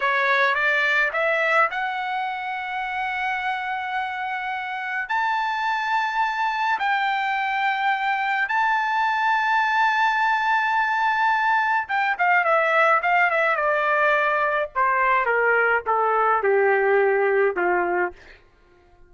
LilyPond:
\new Staff \with { instrumentName = "trumpet" } { \time 4/4 \tempo 4 = 106 cis''4 d''4 e''4 fis''4~ | fis''1~ | fis''4 a''2. | g''2. a''4~ |
a''1~ | a''4 g''8 f''8 e''4 f''8 e''8 | d''2 c''4 ais'4 | a'4 g'2 f'4 | }